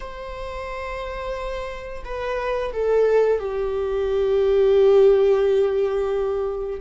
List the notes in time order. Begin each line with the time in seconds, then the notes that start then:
0.00 C5
2.04 B4
2.72 A4
3.39 G4